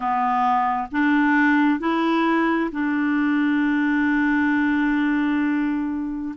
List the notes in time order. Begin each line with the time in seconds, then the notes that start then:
0.00 B3
0.91 D4
1.79 E4
2.71 D4